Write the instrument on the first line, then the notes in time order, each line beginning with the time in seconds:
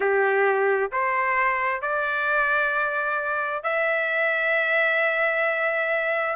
trumpet
0.00 G4
0.91 C5
1.81 D5
3.63 E5